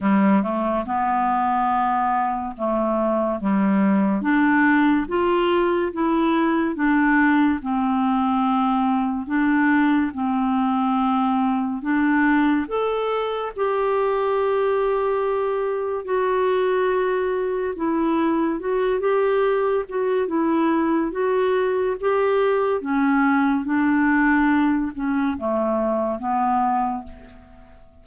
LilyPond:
\new Staff \with { instrumentName = "clarinet" } { \time 4/4 \tempo 4 = 71 g8 a8 b2 a4 | g4 d'4 f'4 e'4 | d'4 c'2 d'4 | c'2 d'4 a'4 |
g'2. fis'4~ | fis'4 e'4 fis'8 g'4 fis'8 | e'4 fis'4 g'4 cis'4 | d'4. cis'8 a4 b4 | }